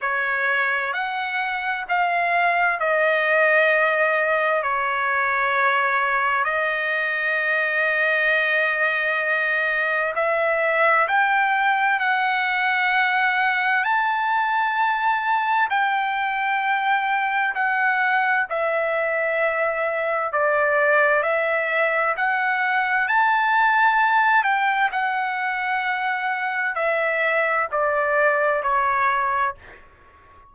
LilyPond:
\new Staff \with { instrumentName = "trumpet" } { \time 4/4 \tempo 4 = 65 cis''4 fis''4 f''4 dis''4~ | dis''4 cis''2 dis''4~ | dis''2. e''4 | g''4 fis''2 a''4~ |
a''4 g''2 fis''4 | e''2 d''4 e''4 | fis''4 a''4. g''8 fis''4~ | fis''4 e''4 d''4 cis''4 | }